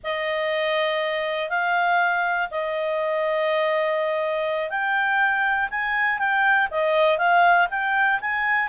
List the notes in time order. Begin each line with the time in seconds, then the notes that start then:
0.03 D#5
1.49 F5
2.50 D#5
4.70 G5
5.70 G#5
6.18 G5
6.71 D#5
7.18 F5
7.70 G5
8.20 G#5